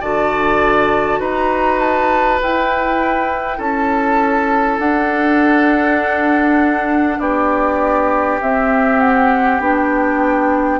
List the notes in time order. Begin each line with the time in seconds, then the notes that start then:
0.00 D3 F#4 D5 A5
1.19 D#4 B4 A#5
1.79 A5
2.40 E4 G5
3.57 C#4 A4 A5
4.78 D4 F#5
7.19 B3 G4 D5
8.41 C4 E5
9.00 F#5
9.60 B3 D4 G5